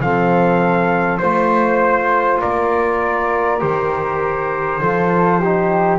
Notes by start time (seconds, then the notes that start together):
0.00 F3 C4 A4 F5
1.18 A3 F4 C5
2.40 A#3 A#4 D5
3.59 D#3 G4 C5
4.80 F3 F4 A4
5.40 D#4 G4